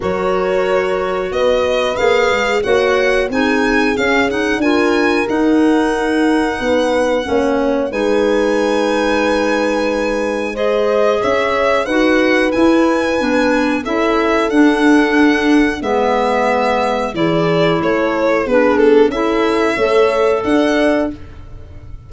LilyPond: <<
  \new Staff \with { instrumentName = "violin" } { \time 4/4 \tempo 4 = 91 cis''2 dis''4 f''4 | fis''4 gis''4 f''8 fis''8 gis''4 | fis''1 | gis''1 |
dis''4 e''4 fis''4 gis''4~ | gis''4 e''4 fis''2 | e''2 d''4 cis''4 | b'8 a'8 e''2 fis''4 | }
  \new Staff \with { instrumentName = "horn" } { \time 4/4 ais'2 b'2 | cis''4 gis'2 ais'4~ | ais'2 b'4 cis''4 | b'1 |
c''4 cis''4 b'2~ | b'4 a'2. | b'2 gis'4 a'4 | gis'4 a'4 cis''4 d''4 | }
  \new Staff \with { instrumentName = "clarinet" } { \time 4/4 fis'2. gis'4 | fis'4 dis'4 cis'8 dis'8 f'4 | dis'2. cis'4 | dis'1 |
gis'2 fis'4 e'4 | d'4 e'4 d'2 | b2 e'2 | d'4 e'4 a'2 | }
  \new Staff \with { instrumentName = "tuba" } { \time 4/4 fis2 b4 ais8 gis8 | ais4 c'4 cis'4 d'4 | dis'2 b4 ais4 | gis1~ |
gis4 cis'4 dis'4 e'4 | b4 cis'4 d'2 | gis2 e4 a4 | b4 cis'4 a4 d'4 | }
>>